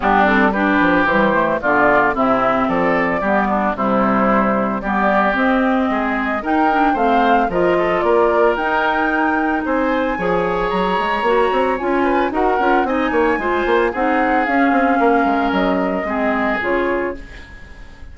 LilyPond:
<<
  \new Staff \with { instrumentName = "flute" } { \time 4/4 \tempo 4 = 112 g'8 a'8 b'4 c''4 d''4 | e''4 d''2 c''4~ | c''4 d''4 dis''2 | g''4 f''4 dis''4 d''4 |
g''2 gis''2 | ais''2 gis''4 fis''4 | gis''2 fis''4 f''4~ | f''4 dis''2 cis''4 | }
  \new Staff \with { instrumentName = "oboe" } { \time 4/4 d'4 g'2 f'4 | e'4 a'4 g'8 d'8 e'4~ | e'4 g'2 gis'4 | ais'4 c''4 ais'8 a'8 ais'4~ |
ais'2 c''4 cis''4~ | cis''2~ cis''8 b'8 ais'4 | dis''8 cis''8 c''4 gis'2 | ais'2 gis'2 | }
  \new Staff \with { instrumentName = "clarinet" } { \time 4/4 b8 c'8 d'4 g8 a8 b4 | c'2 b4 g4~ | g4 b4 c'2 | dis'8 d'8 c'4 f'2 |
dis'2. gis'4~ | gis'4 fis'4 f'4 fis'8 f'8 | dis'4 f'4 dis'4 cis'4~ | cis'2 c'4 f'4 | }
  \new Staff \with { instrumentName = "bassoon" } { \time 4/4 g4. f8 e4 d4 | c4 f4 g4 c4~ | c4 g4 c'4 gis4 | dis'4 a4 f4 ais4 |
dis'2 c'4 f4 | fis8 gis8 ais8 c'8 cis'4 dis'8 cis'8 | c'8 ais8 gis8 ais8 c'4 cis'8 c'8 | ais8 gis8 fis4 gis4 cis4 | }
>>